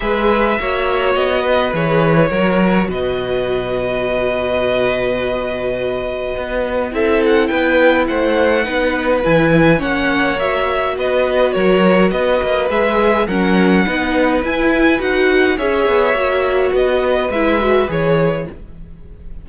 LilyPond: <<
  \new Staff \with { instrumentName = "violin" } { \time 4/4 \tempo 4 = 104 e''2 dis''4 cis''4~ | cis''4 dis''2.~ | dis''1 | e''8 fis''8 g''4 fis''2 |
gis''4 fis''4 e''4 dis''4 | cis''4 dis''4 e''4 fis''4~ | fis''4 gis''4 fis''4 e''4~ | e''4 dis''4 e''4 cis''4 | }
  \new Staff \with { instrumentName = "violin" } { \time 4/4 b'4 cis''4. b'4. | ais'4 b'2.~ | b'1 | a'4 b'4 c''4 b'4~ |
b'4 cis''2 b'4 | ais'4 b'2 ais'4 | b'2. cis''4~ | cis''4 b'2. | }
  \new Staff \with { instrumentName = "viola" } { \time 4/4 gis'4 fis'2 gis'4 | fis'1~ | fis'1 | e'2. dis'4 |
e'4 cis'4 fis'2~ | fis'2 gis'4 cis'4 | dis'4 e'4 fis'4 gis'4 | fis'2 e'8 fis'8 gis'4 | }
  \new Staff \with { instrumentName = "cello" } { \time 4/4 gis4 ais4 b4 e4 | fis4 b,2.~ | b,2. b4 | c'4 b4 a4 b4 |
e4 ais2 b4 | fis4 b8 ais8 gis4 fis4 | b4 e'4 dis'4 cis'8 b8 | ais4 b4 gis4 e4 | }
>>